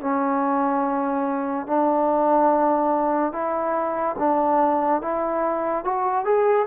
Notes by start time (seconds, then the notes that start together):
0.00 C#4
1.67 D4
3.32 E4
4.19 D4
5.01 E4
5.84 F#4
6.24 G#4